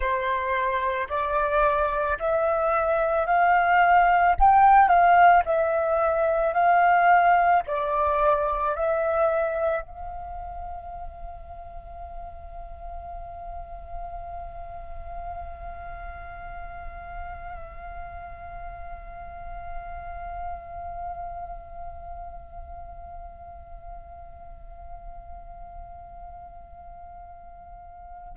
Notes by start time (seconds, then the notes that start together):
0.00 C5
1.09 D5
2.19 E5
3.26 F5
4.39 G5
4.88 F5
5.45 E5
6.53 F5
7.67 D5
8.75 E5
9.81 F5